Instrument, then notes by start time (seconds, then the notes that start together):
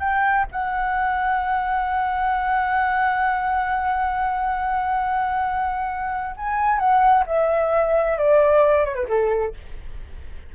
flute
0.00 G5
0.52 F#5
6.37 G#5
6.79 F#5
7.27 E5
8.18 D5
8.85 C#5
8.95 B4
9.09 A4